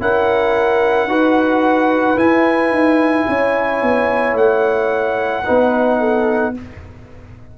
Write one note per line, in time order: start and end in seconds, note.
0.00 1.06 C#4
0.00 1.09 E4
0.00 1.09 A#4
0.00 2.18 F#5
1.06 2.15 D#4
1.06 2.17 F#4
1.06 3.27 B4
2.17 5.44 E4
2.17 2.70 E4
2.17 4.36 G#5
2.70 3.25 D#4
3.28 3.82 C#4
3.28 5.45 C#5
3.82 4.33 B3
4.33 5.42 A3
4.33 6.55 F#5
5.45 6.58 B3
5.45 6.54 D#4
5.45 6.00 B4
6.00 6.54 A4